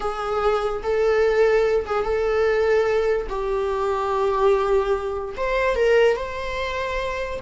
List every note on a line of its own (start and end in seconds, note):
0.00 0.82 G#4
0.83 1.85 A4
1.86 2.04 G#4
2.04 3.27 A4
3.29 5.34 G4
5.36 5.75 C5
5.75 6.16 A#4
6.16 7.40 C5